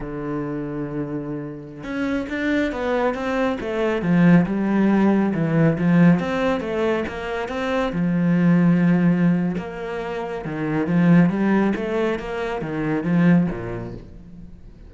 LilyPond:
\new Staff \with { instrumentName = "cello" } { \time 4/4 \tempo 4 = 138 d1~ | d16 cis'4 d'4 b4 c'8.~ | c'16 a4 f4 g4.~ g16~ | g16 e4 f4 c'4 a8.~ |
a16 ais4 c'4 f4.~ f16~ | f2 ais2 | dis4 f4 g4 a4 | ais4 dis4 f4 ais,4 | }